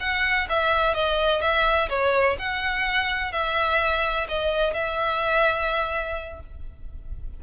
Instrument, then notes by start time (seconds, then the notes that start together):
violin
0.00 F#5
0.49 E5
0.94 D#5
1.41 E5
1.89 C#5
2.39 F#5
3.32 E5
4.28 D#5
4.73 E5